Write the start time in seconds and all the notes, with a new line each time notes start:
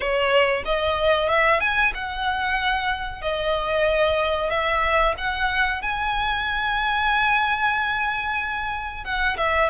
0.00 C#5
0.65 D#5
1.29 E5
1.60 G#5
1.94 F#5
3.21 D#5
4.50 E5
5.17 F#5
5.82 G#5
9.04 F#5
9.37 E5